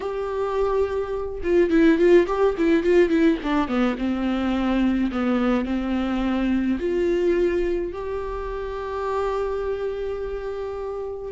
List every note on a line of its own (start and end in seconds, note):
0.00 1.41 G4
1.43 1.70 F4
1.70 1.98 E4
1.98 2.26 F4
2.26 2.55 G4
2.57 2.83 E4
2.83 3.09 F4
3.09 3.37 E4
3.43 3.67 D4
3.67 3.96 B3
3.98 5.11 C4
5.11 5.65 B3
5.65 6.78 C4
6.79 7.92 F4
7.92 11.32 G4